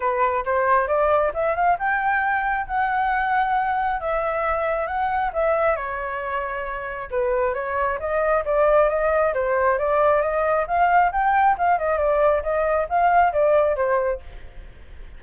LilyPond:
\new Staff \with { instrumentName = "flute" } { \time 4/4 \tempo 4 = 135 b'4 c''4 d''4 e''8 f''8 | g''2 fis''2~ | fis''4 e''2 fis''4 | e''4 cis''2. |
b'4 cis''4 dis''4 d''4 | dis''4 c''4 d''4 dis''4 | f''4 g''4 f''8 dis''8 d''4 | dis''4 f''4 d''4 c''4 | }